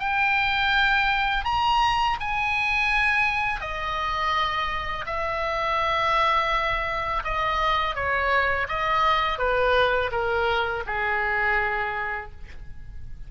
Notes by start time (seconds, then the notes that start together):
0.00 G5
1.45 A#5
2.20 G#5
3.61 D#5
5.06 E5
7.24 D#5
7.95 C#5
8.68 D#5
9.39 B4
10.12 A#4
10.87 G#4